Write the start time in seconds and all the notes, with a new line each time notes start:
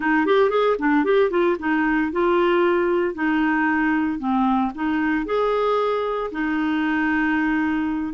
0.00 D#4
0.25 G4
0.50 G#4
0.78 D4
1.04 G4
1.30 F4
1.59 D#4
2.11 F4
3.14 D#4
4.19 C4
4.74 D#4
5.25 G#4
6.31 D#4